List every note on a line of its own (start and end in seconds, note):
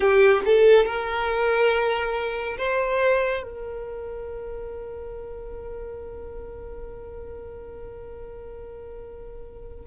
0.00 0.41 G4
0.45 0.85 A4
0.85 2.57 A#4
2.57 3.42 C5
3.42 9.85 A#4